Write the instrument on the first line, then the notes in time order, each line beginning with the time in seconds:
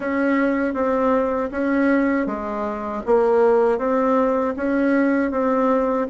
bassoon
0.00 C#4
0.74 C4
1.51 C#4
2.26 G#3
3.06 A#3
3.78 C4
4.56 C#4
5.31 C4